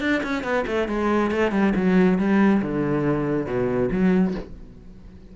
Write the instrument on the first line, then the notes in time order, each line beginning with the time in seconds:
cello
0.00 D4
0.23 C#4
0.43 B3
0.67 A3
0.88 G#3
1.31 A3
1.51 G3
1.75 F#3
2.18 G3
2.62 D3
3.46 B2
3.91 F#3